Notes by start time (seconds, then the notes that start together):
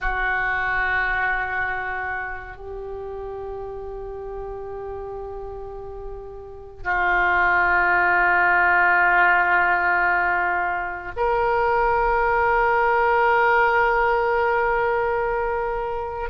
0.00 F#4
2.56 G4
6.83 F4
11.16 A#4